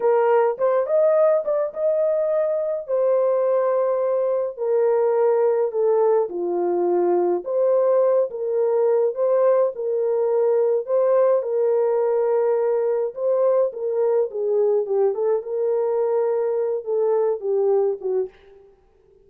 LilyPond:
\new Staff \with { instrumentName = "horn" } { \time 4/4 \tempo 4 = 105 ais'4 c''8 dis''4 d''8 dis''4~ | dis''4 c''2. | ais'2 a'4 f'4~ | f'4 c''4. ais'4. |
c''4 ais'2 c''4 | ais'2. c''4 | ais'4 gis'4 g'8 a'8 ais'4~ | ais'4. a'4 g'4 fis'8 | }